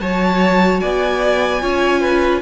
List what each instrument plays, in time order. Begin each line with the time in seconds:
0.00 cello F#3, viola F#4, violin C#5 A5
0.80 cello B3, violin D5 G#5
1.61 cello C#4, viola F4, violin C#5
2.01 violin B4